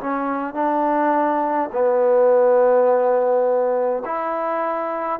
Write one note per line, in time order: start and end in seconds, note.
0.00 0.54 C#4
0.54 1.69 D4
1.72 4.03 B3
4.05 5.19 E4